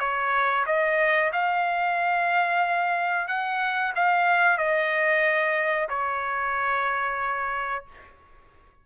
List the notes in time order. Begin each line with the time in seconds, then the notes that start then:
0.00 C#5
0.66 D#5
1.33 F5
3.28 F#5
3.95 F5
4.58 D#5
5.89 C#5